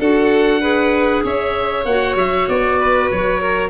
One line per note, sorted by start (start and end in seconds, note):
0.00 1.24 D4
0.00 0.61 F#4
0.00 0.61 A4
0.00 1.25 F#5
0.61 1.85 G#4
0.61 1.23 B4
1.25 1.85 C#4
1.25 2.79 C#5
1.25 1.85 E5
1.85 2.16 A#3
1.85 3.70 F#4
1.85 2.16 F#5
2.16 2.47 F#3
2.16 2.49 E5
2.49 3.11 B3
2.49 3.11 D5
2.80 3.41 B4
3.12 3.70 F#3
3.12 3.70 C#5
3.41 3.70 A#4